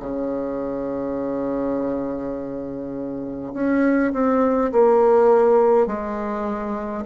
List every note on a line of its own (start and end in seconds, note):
0.00 3.53 C#3
3.54 4.13 C#4
4.13 4.72 C4
4.73 5.87 A#3
5.87 7.05 G#3